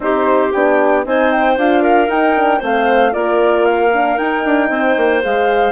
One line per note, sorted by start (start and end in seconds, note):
0.00 0.52 C4
0.00 0.53 D#4
0.00 1.06 G4
0.00 0.52 C5
0.52 1.05 B3
0.52 1.05 D4
0.52 1.04 G5
1.05 1.57 C4
1.05 1.57 D#4
1.05 1.82 C5
1.05 1.31 G#5
1.31 1.57 G5
1.57 2.08 D4
1.57 2.07 F4
1.57 2.10 F5
1.82 2.58 A#4
2.07 2.34 D#4
2.07 2.60 D#4
2.07 2.62 G5
2.35 2.61 D4
2.58 3.14 A3
2.58 3.11 C4
2.58 3.10 C5
2.64 3.13 F5
3.11 4.17 A#3
3.11 3.89 F4
3.11 4.69 A#4
3.11 3.65 D5
3.65 4.17 F5
3.93 4.17 D4
4.17 4.43 D#4
4.17 5.22 D#4
4.17 5.22 G5
4.45 4.69 D4
4.69 4.96 C4
4.69 5.72 C5
4.96 5.22 A#3
5.22 5.72 G#3
5.22 5.72 G#4
5.22 5.72 F5